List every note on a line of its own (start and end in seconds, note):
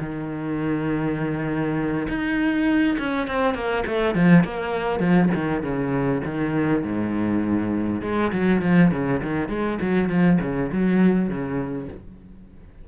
0.00 2.08 D#3
2.09 2.98 D#4
2.99 3.28 C#4
3.28 3.54 C4
3.54 3.84 A#3
3.86 4.15 A3
4.15 4.44 F3
4.44 5.00 A#3
5.00 5.30 F3
5.35 5.62 D#3
5.62 6.22 C#3
6.25 6.84 D#3
6.84 8.02 G#2
8.02 8.32 G#3
8.32 8.62 F#3
8.62 8.92 F3
8.92 9.21 C#3
9.23 9.49 D#3
9.49 9.79 G#3
9.81 10.09 F#3
10.09 10.39 F3
10.41 10.71 C#3
10.72 11.29 F#3
11.29 11.88 C#3